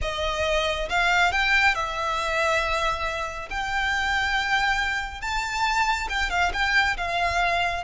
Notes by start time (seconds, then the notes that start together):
0.01 D#5
0.89 F5
1.32 G5
1.75 E5
3.50 G5
5.21 A5
6.09 G5
6.30 F5
6.53 G5
6.97 F5